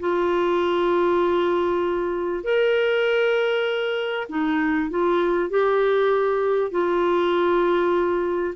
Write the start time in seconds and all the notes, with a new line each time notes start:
0.00 F4
2.44 A#4
4.29 D#4
4.91 F4
5.50 G4
6.72 F4